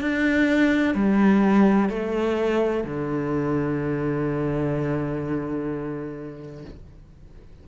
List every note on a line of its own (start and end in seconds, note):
0.00 0.94 D4
0.94 1.89 G3
1.89 2.83 A3
2.83 6.65 D3